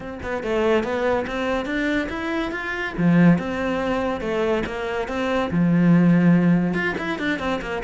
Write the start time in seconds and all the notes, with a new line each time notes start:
0.00 C4
0.22 B3
0.43 A3
0.83 B3
1.27 C4
1.65 D4
2.09 E4
2.51 F4
2.97 F3
3.38 C4
4.20 A3
4.66 A#3
5.07 C4
5.50 F3
6.73 F4
6.98 E4
7.18 D4
7.39 C4
7.61 A#3